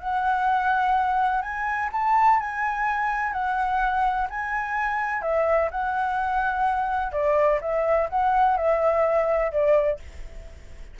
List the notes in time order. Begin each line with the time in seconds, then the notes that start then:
0.00 F#5
1.42 G#5
1.92 A5
2.40 G#5
3.33 F#5
4.30 G#5
5.22 E5
5.71 F#5
7.12 D5
7.61 E5
8.10 F#5
8.57 E5
9.52 D5